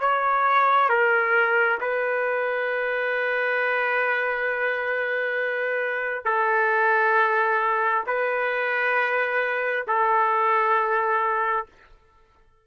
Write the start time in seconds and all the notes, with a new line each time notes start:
0.00 C#5
0.89 A#4
1.81 B4
6.25 A4
8.06 B4
9.88 A4